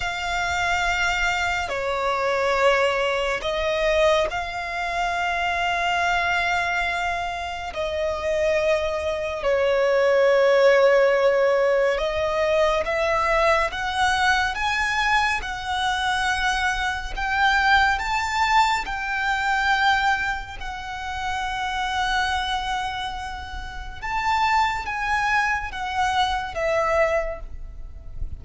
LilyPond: \new Staff \with { instrumentName = "violin" } { \time 4/4 \tempo 4 = 70 f''2 cis''2 | dis''4 f''2.~ | f''4 dis''2 cis''4~ | cis''2 dis''4 e''4 |
fis''4 gis''4 fis''2 | g''4 a''4 g''2 | fis''1 | a''4 gis''4 fis''4 e''4 | }